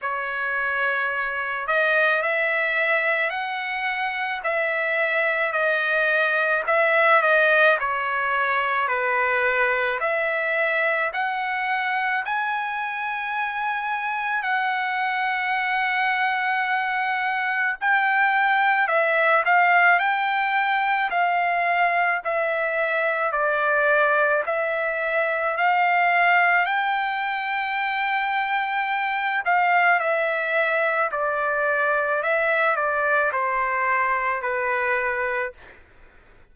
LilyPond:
\new Staff \with { instrumentName = "trumpet" } { \time 4/4 \tempo 4 = 54 cis''4. dis''8 e''4 fis''4 | e''4 dis''4 e''8 dis''8 cis''4 | b'4 e''4 fis''4 gis''4~ | gis''4 fis''2. |
g''4 e''8 f''8 g''4 f''4 | e''4 d''4 e''4 f''4 | g''2~ g''8 f''8 e''4 | d''4 e''8 d''8 c''4 b'4 | }